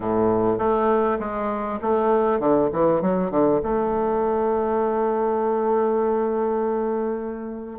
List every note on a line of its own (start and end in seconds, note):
0.00 0.58 A2
0.58 1.18 A3
1.19 1.79 G#3
1.81 2.39 A3
2.39 2.69 D3
2.72 3.01 E3
3.01 3.30 F#3
3.30 3.60 D3
3.62 7.79 A3